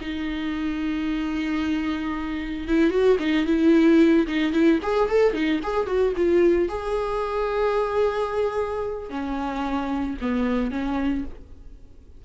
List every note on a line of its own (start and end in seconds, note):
0.00 2.68 D#4
2.68 2.90 E4
2.90 3.17 F#4
3.19 3.46 D#4
3.46 4.26 E4
4.27 4.52 D#4
4.52 4.79 E4
4.82 5.09 G#4
5.09 5.33 A4
5.33 5.60 D#4
5.62 5.86 G#4
5.86 6.13 F#4
6.16 6.68 F4
6.68 9.09 G#4
9.09 10.17 C#4
10.21 10.71 B3
10.71 11.24 C#4